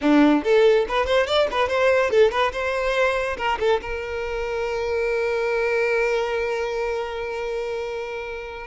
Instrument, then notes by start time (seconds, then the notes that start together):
violin
0.01 D4
0.43 A4
0.88 B4
1.06 C5
1.26 D5
1.51 B4
1.68 C5
2.10 A4
2.31 B4
2.52 C5
3.37 A#4
3.59 A4
3.81 A#4